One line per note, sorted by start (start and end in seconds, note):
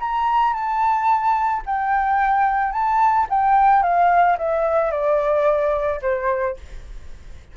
0.00 0.54 A#5
0.54 1.63 A5
1.66 2.72 G5
2.72 3.27 A5
3.30 3.83 G5
3.83 4.37 F5
4.38 4.91 E5
4.91 6.00 D5
6.02 6.57 C5